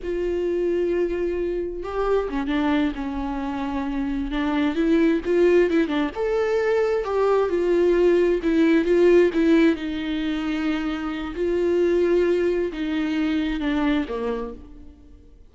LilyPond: \new Staff \with { instrumentName = "viola" } { \time 4/4 \tempo 4 = 132 f'1 | g'4 cis'8 d'4 cis'4.~ | cis'4. d'4 e'4 f'8~ | f'8 e'8 d'8 a'2 g'8~ |
g'8 f'2 e'4 f'8~ | f'8 e'4 dis'2~ dis'8~ | dis'4 f'2. | dis'2 d'4 ais4 | }